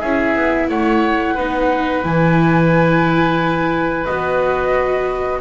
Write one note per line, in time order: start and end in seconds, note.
0.00 0.36 C#4
0.00 1.38 E4
0.00 0.67 G#4
0.00 0.68 E5
0.36 0.70 B3
0.69 1.37 A3
0.69 1.34 C#5
0.69 2.04 F#5
1.34 2.04 B3
1.34 2.03 D#4
1.34 5.39 B4
2.03 4.06 E3
2.03 4.05 E4
2.03 4.05 G#5
4.05 5.41 B3
4.05 5.41 F#4
4.05 5.40 D#5